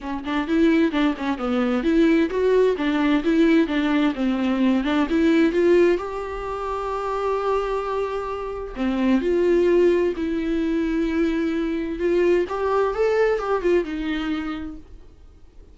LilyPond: \new Staff \with { instrumentName = "viola" } { \time 4/4 \tempo 4 = 130 cis'8 d'8 e'4 d'8 cis'8 b4 | e'4 fis'4 d'4 e'4 | d'4 c'4. d'8 e'4 | f'4 g'2.~ |
g'2. c'4 | f'2 e'2~ | e'2 f'4 g'4 | a'4 g'8 f'8 dis'2 | }